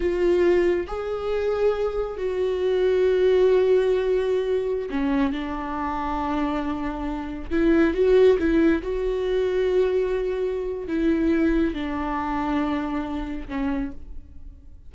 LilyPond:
\new Staff \with { instrumentName = "viola" } { \time 4/4 \tempo 4 = 138 f'2 gis'2~ | gis'4 fis'2.~ | fis'2.~ fis'16 cis'8.~ | cis'16 d'2.~ d'8.~ |
d'4~ d'16 e'4 fis'4 e'8.~ | e'16 fis'2.~ fis'8.~ | fis'4 e'2 d'4~ | d'2. cis'4 | }